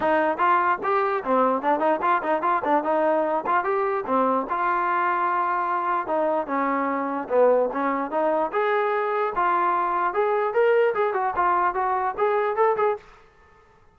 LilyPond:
\new Staff \with { instrumentName = "trombone" } { \time 4/4 \tempo 4 = 148 dis'4 f'4 g'4 c'4 | d'8 dis'8 f'8 dis'8 f'8 d'8 dis'4~ | dis'8 f'8 g'4 c'4 f'4~ | f'2. dis'4 |
cis'2 b4 cis'4 | dis'4 gis'2 f'4~ | f'4 gis'4 ais'4 gis'8 fis'8 | f'4 fis'4 gis'4 a'8 gis'8 | }